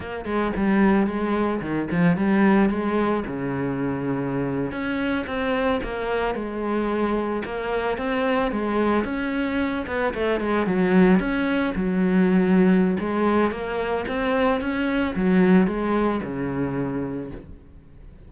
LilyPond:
\new Staff \with { instrumentName = "cello" } { \time 4/4 \tempo 4 = 111 ais8 gis8 g4 gis4 dis8 f8 | g4 gis4 cis2~ | cis8. cis'4 c'4 ais4 gis16~ | gis4.~ gis16 ais4 c'4 gis16~ |
gis8. cis'4. b8 a8 gis8 fis16~ | fis8. cis'4 fis2~ fis16 | gis4 ais4 c'4 cis'4 | fis4 gis4 cis2 | }